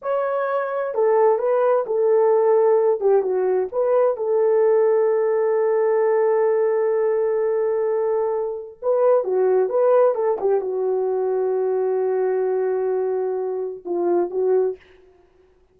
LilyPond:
\new Staff \with { instrumentName = "horn" } { \time 4/4 \tempo 4 = 130 cis''2 a'4 b'4 | a'2~ a'8 g'8 fis'4 | b'4 a'2.~ | a'1~ |
a'2. b'4 | fis'4 b'4 a'8 g'8 fis'4~ | fis'1~ | fis'2 f'4 fis'4 | }